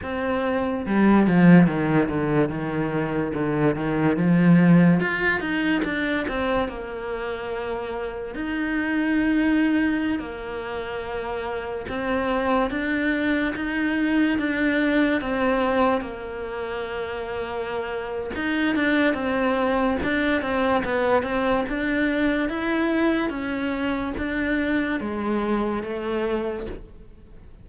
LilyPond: \new Staff \with { instrumentName = "cello" } { \time 4/4 \tempo 4 = 72 c'4 g8 f8 dis8 d8 dis4 | d8 dis8 f4 f'8 dis'8 d'8 c'8 | ais2 dis'2~ | dis'16 ais2 c'4 d'8.~ |
d'16 dis'4 d'4 c'4 ais8.~ | ais2 dis'8 d'8 c'4 | d'8 c'8 b8 c'8 d'4 e'4 | cis'4 d'4 gis4 a4 | }